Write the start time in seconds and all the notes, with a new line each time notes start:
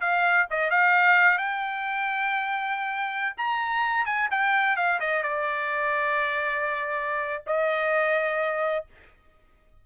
0.00 F5
0.50 D#5
0.70 F5
1.37 G5
3.37 A#5
4.05 G#5
4.31 G5
4.76 F5
5.00 D#5
5.23 D5
7.46 D#5